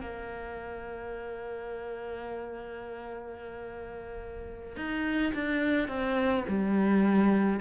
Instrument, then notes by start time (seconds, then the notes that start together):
cello
0.00 A#3
4.76 D#4
5.34 D4
5.88 C4
6.48 G3